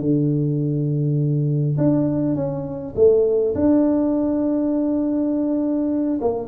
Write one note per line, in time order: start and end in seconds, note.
0.00 1.76 D3
1.77 2.35 D4
2.35 2.94 C#4
2.95 3.54 A3
3.55 6.19 D4
6.21 6.48 A#3